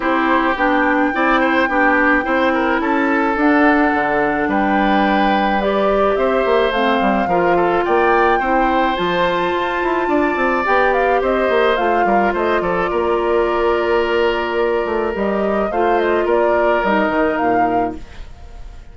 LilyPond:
<<
  \new Staff \with { instrumentName = "flute" } { \time 4/4 \tempo 4 = 107 c''4 g''2.~ | g''4 a''4 fis''2 | g''2 d''4 e''4 | f''2 g''2 |
a''2. g''8 f''8 | dis''4 f''4 dis''8 d''4.~ | d''2. dis''4 | f''8 dis''8 d''4 dis''4 f''4 | }
  \new Staff \with { instrumentName = "oboe" } { \time 4/4 g'2 d''8 c''8 g'4 | c''8 ais'8 a'2. | b'2. c''4~ | c''4 ais'8 a'8 d''4 c''4~ |
c''2 d''2 | c''4. ais'8 c''8 a'8 ais'4~ | ais'1 | c''4 ais'2. | }
  \new Staff \with { instrumentName = "clarinet" } { \time 4/4 e'4 d'4 e'4 d'4 | e'2 d'2~ | d'2 g'2 | c'4 f'2 e'4 |
f'2. g'4~ | g'4 f'2.~ | f'2. g'4 | f'2 dis'2 | }
  \new Staff \with { instrumentName = "bassoon" } { \time 4/4 c'4 b4 c'4 b4 | c'4 cis'4 d'4 d4 | g2. c'8 ais8 | a8 g8 f4 ais4 c'4 |
f4 f'8 e'8 d'8 c'8 b4 | c'8 ais8 a8 g8 a8 f8 ais4~ | ais2~ ais8 a8 g4 | a4 ais4 g8 dis8 ais,4 | }
>>